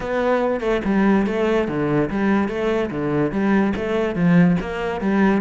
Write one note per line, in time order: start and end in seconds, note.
0.00 0.60 B3
0.60 0.81 A3
0.84 1.26 G3
1.26 1.68 A3
1.68 2.09 D3
2.09 2.48 G3
2.48 2.90 A3
2.90 3.31 D3
3.31 3.73 G3
3.76 4.15 A3
4.15 4.56 F3
4.60 5.00 A#3
5.00 5.41 G3